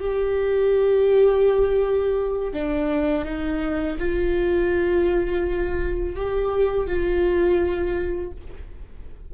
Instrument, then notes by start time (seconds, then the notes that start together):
viola
0.00 G4
2.53 D4
3.25 D#4
3.99 F4
6.16 G4
6.87 F4